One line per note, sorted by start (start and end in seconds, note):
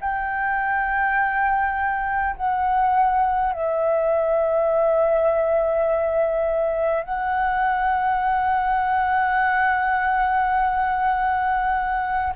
0.00 2.35 G5
2.36 3.52 F#5
3.52 7.04 E5
7.04 12.33 F#5